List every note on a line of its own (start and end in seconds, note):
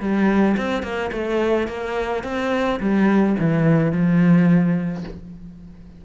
0.00 0.56 G3
0.57 0.83 C4
0.83 1.11 A#3
1.12 1.68 A3
1.68 2.23 A#3
2.23 2.79 C4
2.80 3.36 G3
3.39 3.92 E3
3.92 5.04 F3